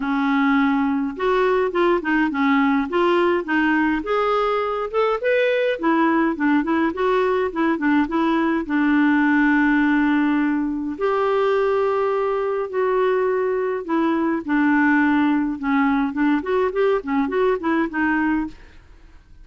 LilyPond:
\new Staff \with { instrumentName = "clarinet" } { \time 4/4 \tempo 4 = 104 cis'2 fis'4 f'8 dis'8 | cis'4 f'4 dis'4 gis'4~ | gis'8 a'8 b'4 e'4 d'8 e'8 | fis'4 e'8 d'8 e'4 d'4~ |
d'2. g'4~ | g'2 fis'2 | e'4 d'2 cis'4 | d'8 fis'8 g'8 cis'8 fis'8 e'8 dis'4 | }